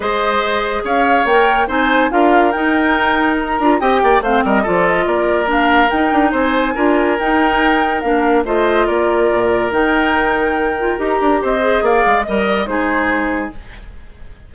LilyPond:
<<
  \new Staff \with { instrumentName = "flute" } { \time 4/4 \tempo 4 = 142 dis''2 f''4 g''4 | gis''4 f''4 g''2 | ais''4 g''4 f''8 dis''8 d''8 dis''8 | d''4 f''4 g''4 gis''4~ |
gis''4 g''2 f''4 | dis''4 d''2 g''4~ | g''2 ais''4 dis''4 | f''4 dis''8 d''8 c''2 | }
  \new Staff \with { instrumentName = "oboe" } { \time 4/4 c''2 cis''2 | c''4 ais'2.~ | ais'4 dis''8 d''8 c''8 ais'8 a'4 | ais'2. c''4 |
ais'1 | c''4 ais'2.~ | ais'2. c''4 | d''4 dis''4 gis'2 | }
  \new Staff \with { instrumentName = "clarinet" } { \time 4/4 gis'2. ais'4 | dis'4 f'4 dis'2~ | dis'8 f'8 g'4 c'4 f'4~ | f'4 d'4 dis'2 |
f'4 dis'2 d'4 | f'2. dis'4~ | dis'4. f'8 g'4. gis'8~ | gis'4 ais'4 dis'2 | }
  \new Staff \with { instrumentName = "bassoon" } { \time 4/4 gis2 cis'4 ais4 | c'4 d'4 dis'2~ | dis'8 d'8 c'8 ais8 a8 g8 f4 | ais2 dis'8 d'8 c'4 |
d'4 dis'2 ais4 | a4 ais4 ais,4 dis4~ | dis2 dis'8 d'8 c'4 | ais8 gis8 g4 gis2 | }
>>